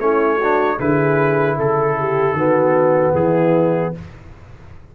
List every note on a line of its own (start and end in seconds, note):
0.00 0.79 A3
0.00 0.40 C#4
0.00 0.37 E4
0.00 0.80 C#5
0.37 0.76 F#4
0.43 0.81 D4
0.78 1.59 D3
0.78 2.38 E4
0.78 1.57 G#4
0.78 1.59 B4
1.57 2.33 C#3
1.57 1.96 A4
1.57 3.15 A4
1.99 2.36 G4
2.33 3.12 D#3
2.33 3.96 B3
2.33 3.15 F#4
3.15 3.94 E3
3.15 3.94 E4
3.15 3.94 G#4